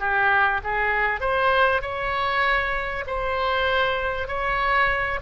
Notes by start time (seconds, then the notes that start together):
0.00 G4
0.64 G#4
1.21 C5
1.82 C#5
3.07 C5
4.28 C#5